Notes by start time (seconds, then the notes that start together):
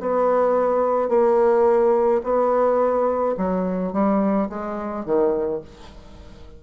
0.00 B3
1.09 A#3
2.24 B3
3.37 F#3
3.93 G3
4.49 G#3
5.05 D#3